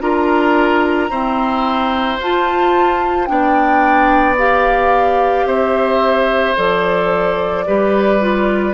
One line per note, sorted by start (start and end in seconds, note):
0.00 1.09 D4
0.00 1.10 F4
0.00 1.10 A#4
0.00 2.18 A#5
1.10 2.19 C4
1.10 2.19 E4
1.10 3.28 C5
2.19 3.28 F4
2.19 3.26 F4
2.19 3.26 A5
3.26 5.44 B3
3.26 4.35 D4
3.26 5.46 D5
3.26 4.35 G5
4.37 6.56 G4
4.37 5.47 F5
5.44 6.53 C4
5.44 7.64 C5
5.44 6.56 E5
6.56 7.66 F3
6.56 7.65 A4
6.56 8.73 D5
7.66 8.73 G3
7.66 8.20 G4
7.66 8.73 B4
8.20 8.73 F4